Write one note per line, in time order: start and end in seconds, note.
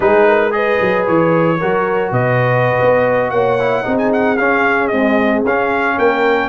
0.00 0.79 G#3
0.00 0.51 D#4
0.00 0.27 G#4
0.00 0.52 B4
0.27 0.53 A#4
0.51 1.57 G#4
0.51 1.58 B4
0.51 1.05 D#5
0.81 1.08 F#3
1.06 1.61 E3
1.06 2.12 C#5
1.58 2.11 F#3
1.58 3.59 F#4
1.58 2.11 A#4
2.11 2.78 B2
2.11 3.31 B4
2.11 3.30 D#5
2.81 3.31 B3
3.30 3.84 A#3
3.30 3.84 C#5
3.30 3.96 F#5
3.59 3.83 E4
3.83 4.38 C4
3.83 4.36 D#4
3.83 5.96 G#4
3.98 4.11 G#5
4.12 4.37 F#5
4.37 4.91 C#4
4.37 4.92 C#4
4.37 4.87 F5
4.87 5.45 G#3
4.87 5.44 C4
4.87 5.40 D#5
5.44 5.97 C#4
5.44 6.49 C#4
5.44 5.98 F5
5.96 6.49 A#3
5.96 6.49 A#4
5.96 6.49 G5